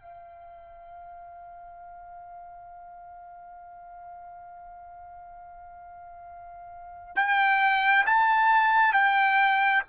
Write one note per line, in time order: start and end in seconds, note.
0.00 7.16 F5
7.16 8.05 G5
8.06 8.93 A5
8.93 9.82 G5